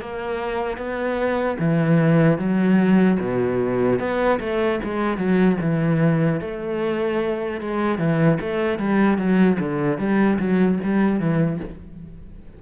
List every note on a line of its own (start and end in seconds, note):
0.00 0.77 A#3
0.77 1.57 B3
1.59 2.38 E3
2.38 3.18 F#3
3.20 3.99 B2
3.99 4.39 B3
4.40 4.80 A3
4.84 5.17 G#3
5.17 5.57 F#3
5.61 6.40 E3
6.40 7.60 A3
7.60 7.98 G#3
7.98 8.38 E3
8.41 8.79 A3
8.79 9.18 G3
9.18 9.58 F#3
9.59 9.98 D3
9.98 10.38 G3
10.39 10.79 F#3
10.83 11.20 G3
11.20 11.60 E3